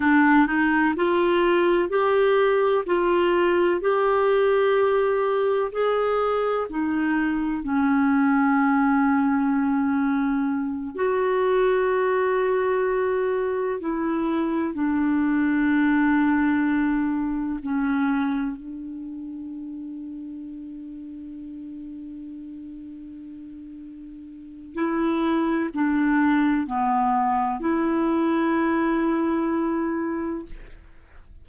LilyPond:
\new Staff \with { instrumentName = "clarinet" } { \time 4/4 \tempo 4 = 63 d'8 dis'8 f'4 g'4 f'4 | g'2 gis'4 dis'4 | cis'2.~ cis'8 fis'8~ | fis'2~ fis'8 e'4 d'8~ |
d'2~ d'8 cis'4 d'8~ | d'1~ | d'2 e'4 d'4 | b4 e'2. | }